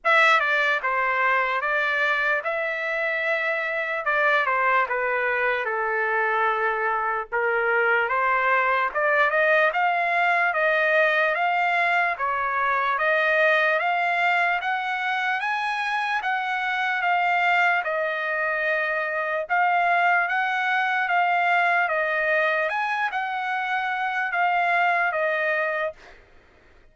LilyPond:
\new Staff \with { instrumentName = "trumpet" } { \time 4/4 \tempo 4 = 74 e''8 d''8 c''4 d''4 e''4~ | e''4 d''8 c''8 b'4 a'4~ | a'4 ais'4 c''4 d''8 dis''8 | f''4 dis''4 f''4 cis''4 |
dis''4 f''4 fis''4 gis''4 | fis''4 f''4 dis''2 | f''4 fis''4 f''4 dis''4 | gis''8 fis''4. f''4 dis''4 | }